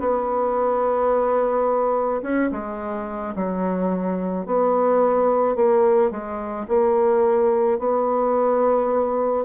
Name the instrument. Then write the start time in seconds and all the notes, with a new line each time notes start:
bassoon
0.00 B3
2.23 C#4
2.52 G#3
3.35 F#3
4.46 B3
5.56 A#3
6.11 G#3
6.68 A#3
7.79 B3